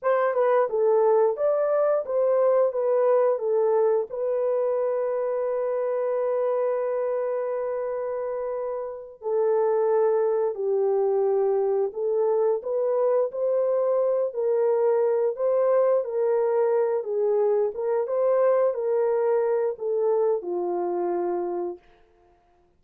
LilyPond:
\new Staff \with { instrumentName = "horn" } { \time 4/4 \tempo 4 = 88 c''8 b'8 a'4 d''4 c''4 | b'4 a'4 b'2~ | b'1~ | b'4. a'2 g'8~ |
g'4. a'4 b'4 c''8~ | c''4 ais'4. c''4 ais'8~ | ais'4 gis'4 ais'8 c''4 ais'8~ | ais'4 a'4 f'2 | }